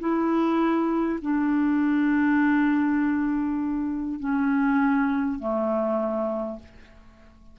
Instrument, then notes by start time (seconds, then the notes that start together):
clarinet
0.00 E4
1.22 D4
4.20 C#4
5.39 A3